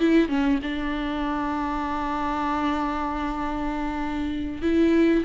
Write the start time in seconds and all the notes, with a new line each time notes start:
0.00 E4
0.29 C#4
0.62 D4
4.62 E4